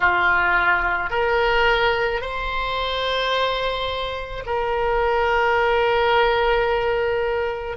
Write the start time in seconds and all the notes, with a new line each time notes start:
0.00 F4
1.10 A#4
2.21 C5
4.45 A#4